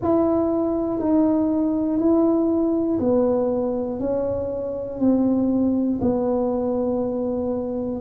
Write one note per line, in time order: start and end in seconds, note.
0.02 1.00 E4
1.00 1.99 D#4
1.99 2.99 E4
3.00 3.99 B3
3.99 4.99 C#4
4.99 5.99 C4
6.00 8.00 B3